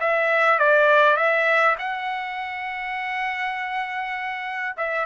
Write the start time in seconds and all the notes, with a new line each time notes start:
0.00 E5
0.59 D5
1.17 E5
1.79 F#5
4.77 E5